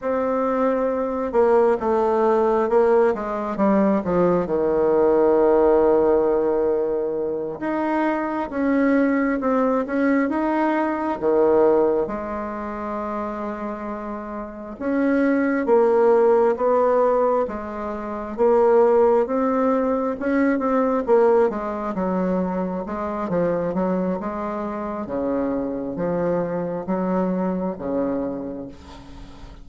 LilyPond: \new Staff \with { instrumentName = "bassoon" } { \time 4/4 \tempo 4 = 67 c'4. ais8 a4 ais8 gis8 | g8 f8 dis2.~ | dis8 dis'4 cis'4 c'8 cis'8 dis'8~ | dis'8 dis4 gis2~ gis8~ |
gis8 cis'4 ais4 b4 gis8~ | gis8 ais4 c'4 cis'8 c'8 ais8 | gis8 fis4 gis8 f8 fis8 gis4 | cis4 f4 fis4 cis4 | }